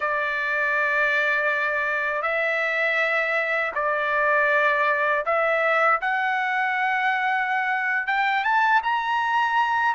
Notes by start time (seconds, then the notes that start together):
0.00 D5
2.22 E5
3.74 D5
5.25 E5
6.01 F#5
8.06 G5
8.43 A5
8.83 A#5